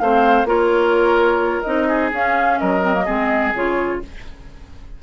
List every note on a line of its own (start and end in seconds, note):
0.00 0.45 A3
0.00 0.47 C4
0.00 0.48 C5
0.00 0.47 F5
0.45 1.63 A#3
0.45 1.65 F4
0.45 1.89 A#4
0.45 1.62 C#5
1.62 2.12 C4
1.62 2.12 D#4
1.62 2.10 D#5
1.89 2.59 G#4
2.12 2.60 C#4
2.12 2.83 C#4
2.12 2.59 F5
2.59 3.09 F#3
2.59 3.06 A#4
2.59 3.54 D#5
2.83 2.94 C4
2.94 3.06 A#3
3.06 3.54 G#3
3.06 3.54 C4
3.06 4.00 G#4
3.54 4.01 C#3
3.54 4.03 F4
3.54 4.03 C#5